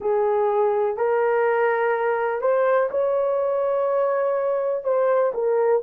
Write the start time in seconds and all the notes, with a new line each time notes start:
0.00 G#4
0.96 A#4
2.41 C5
2.90 C#5
4.83 C5
5.34 A#4